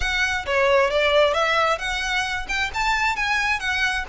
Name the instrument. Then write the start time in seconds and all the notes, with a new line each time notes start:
violin
0.00 F#5
0.46 C#5
0.90 D5
1.33 E5
1.78 F#5
2.48 G5
2.74 A5
3.16 G#5
3.59 F#5